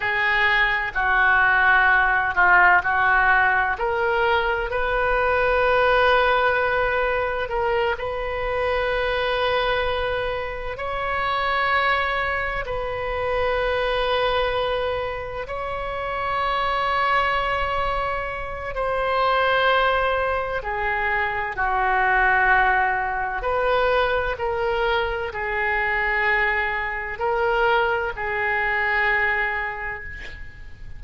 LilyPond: \new Staff \with { instrumentName = "oboe" } { \time 4/4 \tempo 4 = 64 gis'4 fis'4. f'8 fis'4 | ais'4 b'2. | ais'8 b'2. cis''8~ | cis''4. b'2~ b'8~ |
b'8 cis''2.~ cis''8 | c''2 gis'4 fis'4~ | fis'4 b'4 ais'4 gis'4~ | gis'4 ais'4 gis'2 | }